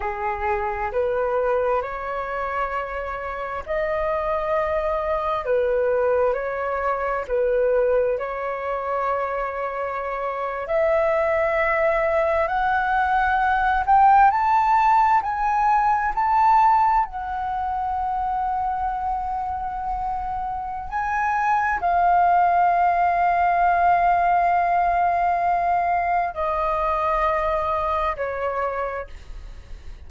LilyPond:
\new Staff \with { instrumentName = "flute" } { \time 4/4 \tempo 4 = 66 gis'4 b'4 cis''2 | dis''2 b'4 cis''4 | b'4 cis''2~ cis''8. e''16~ | e''4.~ e''16 fis''4. g''8 a''16~ |
a''8. gis''4 a''4 fis''4~ fis''16~ | fis''2. gis''4 | f''1~ | f''4 dis''2 cis''4 | }